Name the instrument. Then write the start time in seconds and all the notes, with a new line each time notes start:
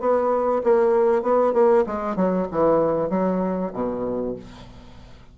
bassoon
0.00 B3
0.64 A#3
1.22 B3
1.54 A#3
1.87 G#3
2.16 F#3
2.51 E3
3.10 F#3
3.74 B2